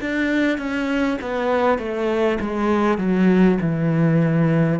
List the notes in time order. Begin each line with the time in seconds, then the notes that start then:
0.00 D4
0.58 C#4
1.21 B3
1.78 A3
2.40 G#3
2.97 F#3
3.60 E3